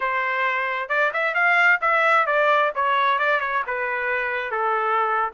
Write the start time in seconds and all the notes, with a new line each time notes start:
0.00 C5
0.88 D5
1.13 E5
1.34 F5
1.81 E5
2.26 D5
2.75 C#5
3.18 D5
3.40 C#5
3.66 B4
4.51 A4